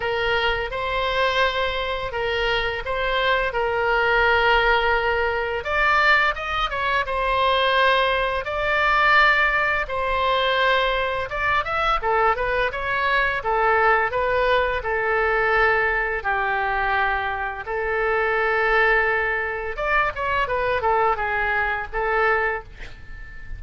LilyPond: \new Staff \with { instrumentName = "oboe" } { \time 4/4 \tempo 4 = 85 ais'4 c''2 ais'4 | c''4 ais'2. | d''4 dis''8 cis''8 c''2 | d''2 c''2 |
d''8 e''8 a'8 b'8 cis''4 a'4 | b'4 a'2 g'4~ | g'4 a'2. | d''8 cis''8 b'8 a'8 gis'4 a'4 | }